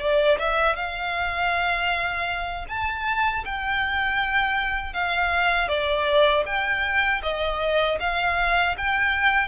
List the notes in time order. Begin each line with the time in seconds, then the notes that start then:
0.00 D5
0.39 E5
0.76 F5
2.68 A5
3.45 G5
4.93 F5
5.68 D5
6.46 G5
7.22 D#5
8.00 F5
8.78 G5